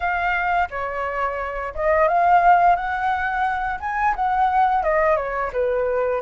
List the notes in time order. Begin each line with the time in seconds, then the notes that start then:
0.00 F5
0.70 C#5
1.74 D#5
2.08 F5
2.76 F#5
3.80 G#5
4.15 F#5
4.83 D#5
5.16 C#5
5.52 B4